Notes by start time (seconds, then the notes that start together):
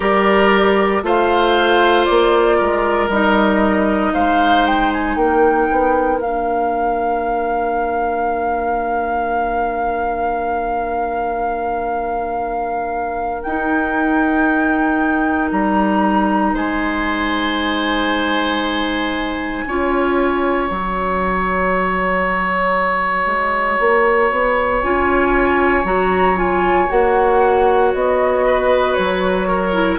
0.00 G3 G4 A#4 D5
1.02 A3 F4 C5 F5
2.05 A#3 D5
2.57 G#3 A#4
3.08 G3 D#4 D#5
4.14 G#3 C5 F5
4.66 G5
4.92 G#5
5.16 A#3 A#4 G5
5.70 B3
6.20 A#3 D4 F5
13.42 D#4 G5
15.51 G3 A#5
16.53 G#3 C5 G#5
19.66 C#4 F4 C#5
20.68 F#3 F#4 A#5
23.26 G#3
23.79 A#3
24.31 B3
24.81 C#4 F4 G#5
25.84 F#3 F#4 A#5
26.36 F4 G#5
26.88 A#3 F#4 F#5
27.94 B3 D#5
28.46 B4
28.93 F#3 C#5
29.47 A#4
29.72 E4